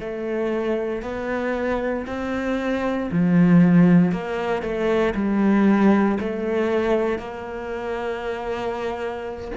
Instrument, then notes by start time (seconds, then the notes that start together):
cello
0.00 A3
1.02 B3
2.06 C4
3.11 F3
4.12 A#3
4.62 A3
5.15 G3
6.20 A3
7.18 A#3